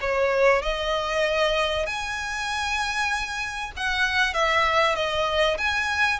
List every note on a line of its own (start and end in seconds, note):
0.00 0.62 C#5
0.62 1.86 D#5
1.86 3.71 G#5
3.76 4.34 F#5
4.34 4.95 E5
4.95 5.57 D#5
5.58 6.19 G#5